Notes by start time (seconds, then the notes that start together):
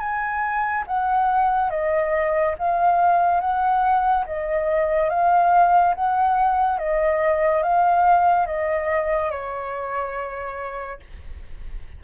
0.00 G#5
0.87 F#5
1.71 D#5
2.59 F5
3.40 F#5
4.26 D#5
5.10 F5
5.95 F#5
6.78 D#5
7.63 F5
8.47 D#5
9.31 C#5